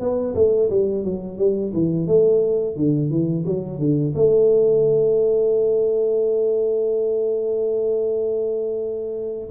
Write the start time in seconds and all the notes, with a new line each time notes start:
0.00 B3
0.35 A3
0.70 G3
1.04 F#3
1.38 G3
1.73 E3
2.07 A3
2.76 D3
3.10 E3
3.46 F#3
3.79 D3
4.15 A3